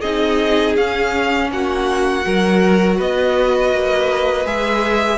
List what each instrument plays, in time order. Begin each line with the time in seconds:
0.00 cello C4, viola D#4, violin G#4 D#5
0.76 cello C#4, viola C#4, violin F5
1.51 cello A#3, violin F#4 F#5
2.22 cello F#3, viola F#4, violin A#4
2.97 cello B3, violin B4 D#5
3.72 cello A#3
4.45 cello G#3, viola G#4, violin E5